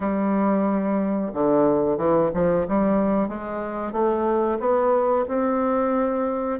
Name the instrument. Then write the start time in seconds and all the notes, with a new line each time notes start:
bassoon
0.00 G3
1.33 D3
1.97 E3
2.33 F3
2.67 G3
3.28 G#3
3.92 A3
4.59 B3
5.27 C4